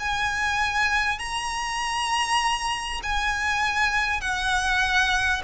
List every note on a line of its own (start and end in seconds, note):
0.00 1.19 G#5
1.19 3.01 A#5
3.03 4.21 G#5
4.21 5.42 F#5